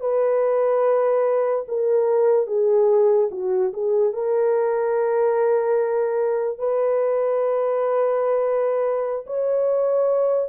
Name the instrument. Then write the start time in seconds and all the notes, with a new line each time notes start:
horn
0.00 B4
1.67 A#4
2.47 G#4
3.31 F#4
3.72 G#4
4.13 A#4
6.58 B4
9.26 C#5